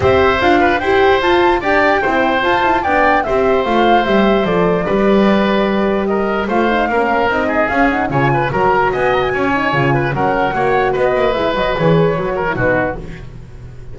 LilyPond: <<
  \new Staff \with { instrumentName = "flute" } { \time 4/4 \tempo 4 = 148 e''4 f''4 g''4 a''4 | g''2 a''4 g''4 | e''4 f''4 e''4 d''4~ | d''2. dis''4 |
f''2 dis''4 f''8 fis''8 | gis''4 ais''4 gis''8 ais''16 gis''4~ gis''16~ | gis''4 fis''2 dis''4 | e''8 dis''8 cis''2 b'4 | }
  \new Staff \with { instrumentName = "oboe" } { \time 4/4 c''4. b'8 c''2 | d''4 c''2 d''4 | c''1 | b'2. ais'4 |
c''4 ais'4. gis'4. | cis''8 b'8 ais'4 dis''4 cis''4~ | cis''8 b'8 ais'4 cis''4 b'4~ | b'2~ b'8 ais'8 fis'4 | }
  \new Staff \with { instrumentName = "horn" } { \time 4/4 g'4 f'4 g'4 f'4 | d'4 e'4 f'8 e'8 d'4 | g'4 f'4 g'4 a'4 | g'1 |
f'8 dis'8 cis'4 dis'4 cis'8 dis'8 | f'4 fis'2~ fis'8 dis'8 | f'4 cis'4 fis'2 | e'8 fis'8 gis'4 fis'8. e'16 dis'4 | }
  \new Staff \with { instrumentName = "double bass" } { \time 4/4 c'4 d'4 e'4 f'4 | g'4 c'4 f'4 b4 | c'4 a4 g4 f4 | g1 |
a4 ais4 c'4 cis'4 | cis4 fis4 b4 cis'4 | cis4 fis4 ais4 b8 ais8 | gis8 fis8 e4 fis4 b,4 | }
>>